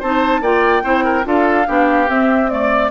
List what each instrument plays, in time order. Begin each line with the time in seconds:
0.00 bassoon C4, clarinet D#4, oboe C5, flute A5
0.41 bassoon A#3, clarinet F4, oboe D5, flute G5
0.83 bassoon C4, clarinet E4, oboe C5
1.04 oboe A#4
1.24 bassoon D4, clarinet F4, oboe A4, flute F5
1.67 bassoon B3, clarinet D4, oboe G4
2.08 clarinet C4, bassoon C4, flute E5
2.49 clarinet A3, flute D5, oboe D5